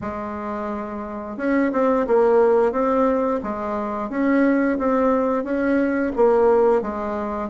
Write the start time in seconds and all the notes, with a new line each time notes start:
0.01 G#3
1.37 C#4
1.72 C4
2.07 A#3
2.71 C4
3.43 G#3
4.09 C#4
4.78 C4
5.44 C#4
6.15 A#3
6.81 G#3